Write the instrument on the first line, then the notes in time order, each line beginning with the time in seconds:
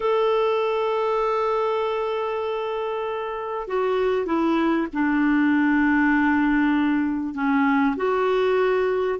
clarinet
0.00 A4
3.67 F#4
4.26 E4
4.93 D4
7.34 C#4
7.96 F#4